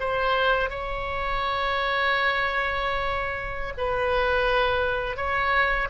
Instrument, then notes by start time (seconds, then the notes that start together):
oboe
0.00 C5
0.70 C#5
3.78 B4
5.17 C#5